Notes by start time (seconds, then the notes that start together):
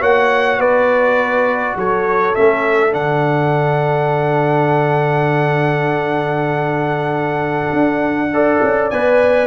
0.00 A#3 F#4 C#5 F#5
0.58 B3 B4 D5
1.76 F#3 A4 C#5
2.34 A3 C#4 E5
2.91 D3 D4 F#5
7.72 D4
8.33 A4 D5
8.62 C#4
8.90 B3 B4 G#5